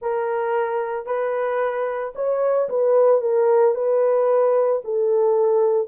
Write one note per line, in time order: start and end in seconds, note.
0.01 1.06 A#4
1.06 2.13 B4
2.15 2.68 C#5
2.69 3.21 B4
3.21 3.74 A#4
3.74 4.81 B4
4.84 5.87 A4